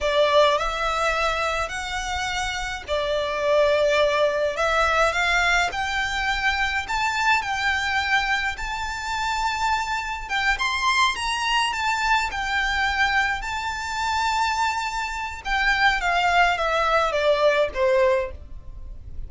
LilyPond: \new Staff \with { instrumentName = "violin" } { \time 4/4 \tempo 4 = 105 d''4 e''2 fis''4~ | fis''4 d''2. | e''4 f''4 g''2 | a''4 g''2 a''4~ |
a''2 g''8 c'''4 ais''8~ | ais''8 a''4 g''2 a''8~ | a''2. g''4 | f''4 e''4 d''4 c''4 | }